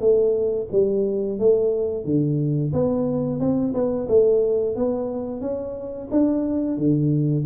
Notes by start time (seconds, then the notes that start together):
0.00 A3
0.72 G3
1.39 A3
2.04 D3
2.73 B3
3.40 C4
3.74 B3
4.08 A3
4.76 B3
5.41 C#4
6.11 D4
6.78 D3